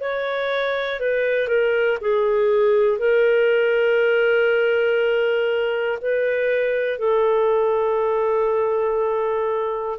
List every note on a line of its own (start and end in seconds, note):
0.00 1.00 C#5
1.00 1.47 B4
1.47 1.97 A#4
2.01 2.99 G#4
2.99 5.99 A#4
6.01 6.98 B4
6.98 9.98 A4